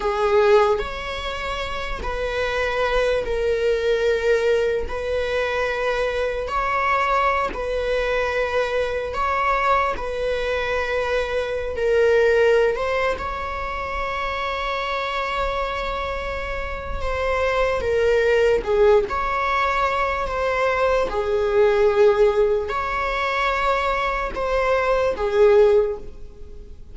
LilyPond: \new Staff \with { instrumentName = "viola" } { \time 4/4 \tempo 4 = 74 gis'4 cis''4. b'4. | ais'2 b'2 | cis''4~ cis''16 b'2 cis''8.~ | cis''16 b'2~ b'16 ais'4~ ais'16 c''16~ |
c''16 cis''2.~ cis''8.~ | cis''4 c''4 ais'4 gis'8 cis''8~ | cis''4 c''4 gis'2 | cis''2 c''4 gis'4 | }